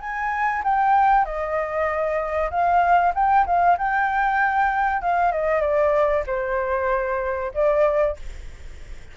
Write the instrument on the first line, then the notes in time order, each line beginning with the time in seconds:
flute
0.00 G#5
0.64 G5
1.25 D#5
2.50 F5
3.14 G5
3.46 F5
3.77 G5
5.02 F5
5.31 D#5
5.61 D5
6.26 C5
7.54 D5